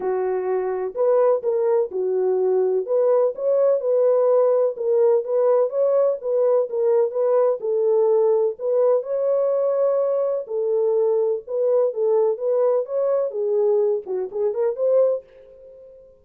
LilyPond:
\new Staff \with { instrumentName = "horn" } { \time 4/4 \tempo 4 = 126 fis'2 b'4 ais'4 | fis'2 b'4 cis''4 | b'2 ais'4 b'4 | cis''4 b'4 ais'4 b'4 |
a'2 b'4 cis''4~ | cis''2 a'2 | b'4 a'4 b'4 cis''4 | gis'4. fis'8 gis'8 ais'8 c''4 | }